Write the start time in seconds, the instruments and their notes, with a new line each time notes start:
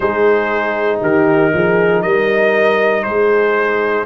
0.00 tuba G#3, trombone D#4, horn G#4, trumpet C5
1.01 tuba D#3, horn G4, trumpet A#4
1.53 tuba F3, horn G#4
2.02 tuba G3, horn A#4, trumpet D#5
3.03 tuba G#3, horn G#4, trumpet C5